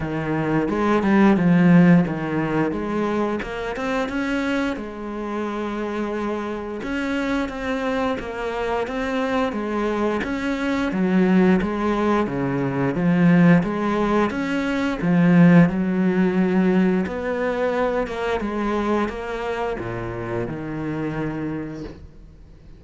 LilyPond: \new Staff \with { instrumentName = "cello" } { \time 4/4 \tempo 4 = 88 dis4 gis8 g8 f4 dis4 | gis4 ais8 c'8 cis'4 gis4~ | gis2 cis'4 c'4 | ais4 c'4 gis4 cis'4 |
fis4 gis4 cis4 f4 | gis4 cis'4 f4 fis4~ | fis4 b4. ais8 gis4 | ais4 ais,4 dis2 | }